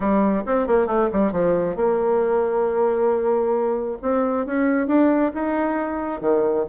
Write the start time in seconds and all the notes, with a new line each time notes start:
0.00 G3
0.46 C4
0.67 A#3
0.87 A3
1.12 G3
1.32 F3
1.76 A#3
4.01 C4
4.46 C#4
4.87 D4
5.34 D#4
6.20 D#3